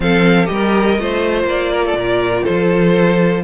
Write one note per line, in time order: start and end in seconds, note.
0.00 0.49 F3
0.00 0.45 C4
0.00 0.51 A4
0.00 0.46 F5
0.45 0.98 G3
0.45 0.94 G4
0.45 1.44 D#5
0.51 1.01 A#4
0.98 1.44 A3
0.98 3.43 F4
0.98 1.72 C5
1.44 1.93 A#3
1.44 2.44 D5
1.72 1.84 A#4
1.85 1.97 A4
1.93 2.42 A#2
1.93 2.44 A#4
2.44 3.43 F3
2.44 3.42 A4
2.44 3.43 C5